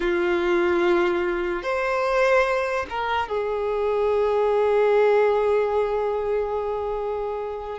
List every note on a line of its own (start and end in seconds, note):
0.00 1.63 F4
1.63 2.86 C5
2.89 3.28 A#4
3.28 7.79 G#4